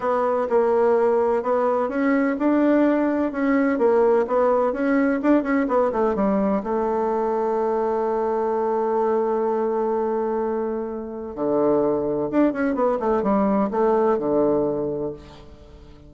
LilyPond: \new Staff \with { instrumentName = "bassoon" } { \time 4/4 \tempo 4 = 127 b4 ais2 b4 | cis'4 d'2 cis'4 | ais4 b4 cis'4 d'8 cis'8 | b8 a8 g4 a2~ |
a1~ | a1 | d2 d'8 cis'8 b8 a8 | g4 a4 d2 | }